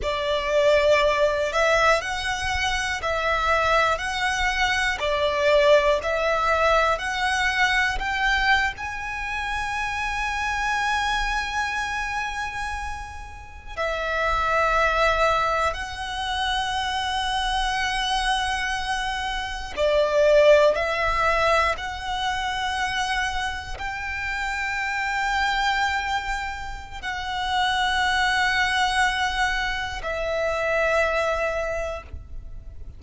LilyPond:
\new Staff \with { instrumentName = "violin" } { \time 4/4 \tempo 4 = 60 d''4. e''8 fis''4 e''4 | fis''4 d''4 e''4 fis''4 | g''8. gis''2.~ gis''16~ | gis''4.~ gis''16 e''2 fis''16~ |
fis''2.~ fis''8. d''16~ | d''8. e''4 fis''2 g''16~ | g''2. fis''4~ | fis''2 e''2 | }